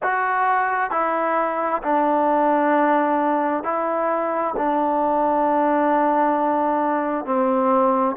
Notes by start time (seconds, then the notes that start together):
0.02 F#4
0.90 E4
1.83 D4
3.63 E4
4.56 D4
7.25 C4